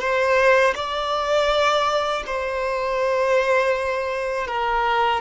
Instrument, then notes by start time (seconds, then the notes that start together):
violin
0.00 C5
0.75 D5
2.26 C5
4.47 A#4